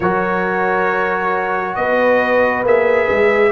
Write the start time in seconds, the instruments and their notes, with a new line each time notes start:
0.00 tuba F#3, trombone F#4, horn A#4, trumpet C#5
1.75 tuba B3, horn B4, trumpet D#5
2.64 tuba A#3, trombone G#4, trumpet E5
3.09 tuba G#3